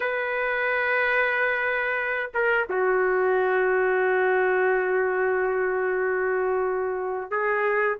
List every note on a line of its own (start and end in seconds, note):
0.00 2.30 B4
2.33 2.67 A#4
2.69 7.31 F#4
7.31 7.97 G#4